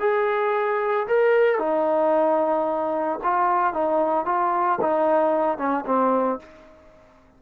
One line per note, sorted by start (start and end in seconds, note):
0.00 1.07 G#4
1.08 1.59 A#4
1.59 3.19 D#4
3.23 3.74 F4
3.74 4.26 D#4
4.26 4.79 F4
4.81 5.58 D#4
5.58 5.85 C#4
5.86 6.40 C4